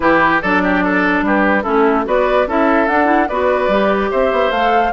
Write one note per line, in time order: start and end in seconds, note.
0.00 0.41 E3
0.00 0.39 E4
0.00 0.41 G4
0.00 0.41 B4
0.41 1.22 F#3
0.41 1.64 D4
0.41 0.62 A4
0.41 1.24 D5
0.63 0.83 G4
0.83 1.25 A4
1.22 1.63 G3
1.22 1.63 G4
1.22 1.62 B4
1.62 2.06 A3
1.62 2.05 C#4
1.62 2.04 E4
1.62 2.03 A4
2.05 2.47 B3
2.05 2.46 F#4
2.05 2.48 B4
2.05 2.49 D5
2.47 2.88 C#4
2.47 2.88 E4
2.47 3.29 A4
2.47 2.87 E5
2.87 3.29 D4
2.87 3.05 D4
2.87 3.28 F#5
3.05 3.25 E4
3.28 3.68 B3
3.28 3.70 F#4
3.28 4.10 B4
3.28 4.10 D5
3.68 4.09 G3
3.68 4.52 G4
4.10 4.32 C4
4.10 4.92 C5
4.10 4.51 E5
4.32 4.50 B3
4.50 4.91 A3
4.50 4.92 A4
4.50 4.92 F5